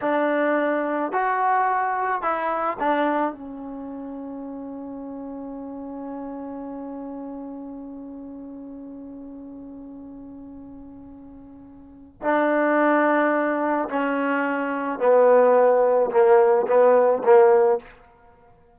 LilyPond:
\new Staff \with { instrumentName = "trombone" } { \time 4/4 \tempo 4 = 108 d'2 fis'2 | e'4 d'4 cis'2~ | cis'1~ | cis'1~ |
cis'1~ | cis'2 d'2~ | d'4 cis'2 b4~ | b4 ais4 b4 ais4 | }